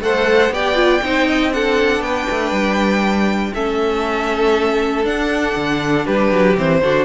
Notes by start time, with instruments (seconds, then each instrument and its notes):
0.00 cello A3, viola A4, violin C5 F#5
0.50 cello B3, viola G4, violin D5 G5
0.75 viola F4
1.03 cello C4, viola D#4, violin C5
1.28 violin D#5
1.52 viola D4, violin A4 F#5
2.01 cello B3, violin B4 G5
2.31 cello A3
2.52 cello G3
3.54 cello A3, viola C#4, violin A4 E5
5.05 viola D4, cello D4, violin F#5
5.56 cello D3
6.06 cello G3, violin G4 B4
6.32 cello F#3
6.57 cello E3, viola C4, violin C5
6.83 cello D3, viola D4, violin F#4